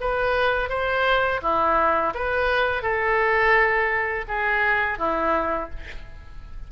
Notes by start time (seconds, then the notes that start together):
0.00 B4
0.69 C5
1.42 E4
2.14 B4
2.82 A4
4.28 G#4
4.98 E4